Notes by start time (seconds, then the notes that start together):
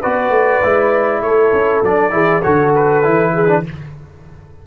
0.00 B3 F#4 B4 D5
0.29 A3
0.62 G#3 E4
1.21 A3 A4 C#5
1.52 C#4
1.82 F#3 D4 D5
2.10 E3 E4 G#4
2.42 D3 F#4 A4 C#5
2.75 B4
3.03 E3 E4
3.33 G#4
3.47 D4